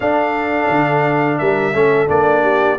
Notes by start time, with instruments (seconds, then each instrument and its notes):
0.00 tuba D4, trombone D4, horn A4, trumpet F5
0.68 tuba D3
1.38 tuba G3, horn A#4, trumpet E5
1.73 tuba A3, trombone C#4, horn A4
2.07 tuba A#3, trombone D4, trumpet D5
2.42 horn G4